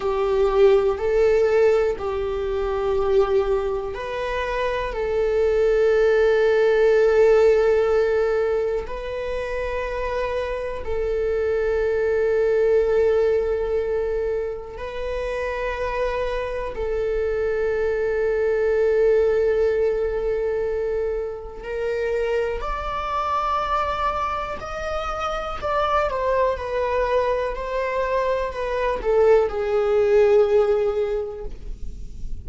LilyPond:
\new Staff \with { instrumentName = "viola" } { \time 4/4 \tempo 4 = 61 g'4 a'4 g'2 | b'4 a'2.~ | a'4 b'2 a'4~ | a'2. b'4~ |
b'4 a'2.~ | a'2 ais'4 d''4~ | d''4 dis''4 d''8 c''8 b'4 | c''4 b'8 a'8 gis'2 | }